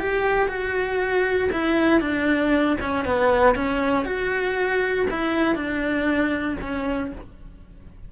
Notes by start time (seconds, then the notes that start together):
0.00 G4
0.48 F#4
1.53 E4
2.01 D4
2.81 C#4
3.05 B3
3.56 C#4
4.06 F#4
5.11 E4
5.55 D4
6.61 C#4